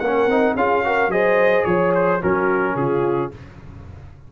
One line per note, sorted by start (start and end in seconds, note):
0.00 0.26 A#3
0.00 0.30 C#4
0.00 0.56 A#4
0.00 0.55 F#5
0.26 0.54 C4
0.26 0.58 D#4
0.56 1.08 C#4
0.56 0.85 F4
0.56 0.85 G#4
0.56 1.12 F5
0.85 1.11 F#4
0.85 1.12 A#4
1.08 1.63 F#3
1.08 2.21 G#4
1.08 1.67 C5
1.08 1.65 D#5
1.65 2.21 F3
1.65 1.92 C#5
1.65 2.20 C#5
1.95 2.22 C5
2.20 2.75 F#3
2.20 3.32 C#4
2.20 2.75 F#4
2.20 2.77 A#4
2.75 3.30 C#3
2.75 3.32 F4
2.75 3.32 G#4